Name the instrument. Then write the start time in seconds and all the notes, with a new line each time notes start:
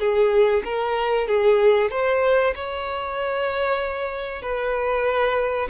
violin
0.00 G#4
0.65 A#4
1.28 G#4
1.91 C5
2.56 C#5
4.42 B4